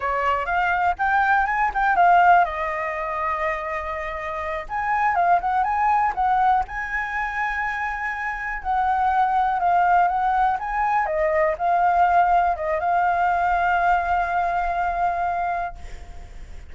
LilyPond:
\new Staff \with { instrumentName = "flute" } { \time 4/4 \tempo 4 = 122 cis''4 f''4 g''4 gis''8 g''8 | f''4 dis''2.~ | dis''4. gis''4 f''8 fis''8 gis''8~ | gis''8 fis''4 gis''2~ gis''8~ |
gis''4. fis''2 f''8~ | f''8 fis''4 gis''4 dis''4 f''8~ | f''4. dis''8 f''2~ | f''1 | }